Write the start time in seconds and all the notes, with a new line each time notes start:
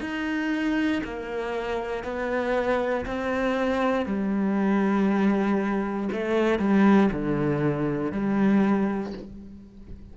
0.00 D#4
1.04 A#3
2.03 B3
3.06 C4
4.05 G3
6.12 A3
6.59 G3
7.12 D3
8.11 G3